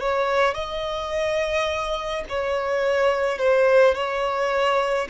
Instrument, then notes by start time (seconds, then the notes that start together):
violin
0.00 C#5
0.54 D#5
2.29 C#5
3.38 C5
3.94 C#5